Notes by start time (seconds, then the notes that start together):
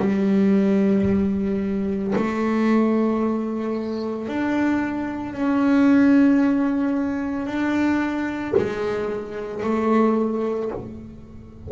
0.00 G3
2.16 A3
4.28 D4
5.34 C#4
7.47 D4
8.58 G#3
9.64 A3